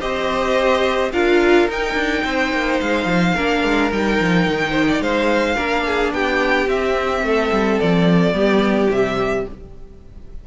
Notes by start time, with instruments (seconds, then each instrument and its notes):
0.00 cello C4, viola G4, violin C5 D#5
1.12 cello D4, viola F4, violin A#4 F5
1.69 cello D#4, viola D#4, violin G5
1.94 cello D4
2.24 cello C4, violin C5
2.52 cello A#3
2.80 cello G#3, violin F5
3.06 cello F3
3.35 cello A#3, viola D4, violin A#4
3.63 cello G#3
3.92 cello G3, viola D#4, violin G5
4.20 cello F3
4.47 cello D#3
4.71 violin C5
4.88 violin D5
5.01 cello G#3, violin C5 F5
5.55 cello A#3, viola D4, violin A#4
5.86 violin G#4
6.12 cello B3, violin G4 G5
6.67 cello C4, viola C4, violin E5
7.22 cello A3, violin A4
7.52 cello G3
7.80 cello F3, violin D5
8.33 cello G3, viola B3, violin G4
8.90 cello C3, viola G3, violin E5